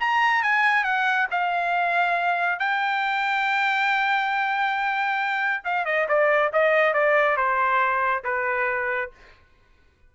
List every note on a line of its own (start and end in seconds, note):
0.00 0.43 A#5
0.43 0.84 G#5
0.84 1.27 F#5
1.31 2.59 F5
2.59 5.64 G5
5.64 5.86 F5
5.86 6.07 D#5
6.09 6.52 D5
6.53 6.94 D#5
6.94 7.37 D5
7.37 8.24 C5
8.24 9.11 B4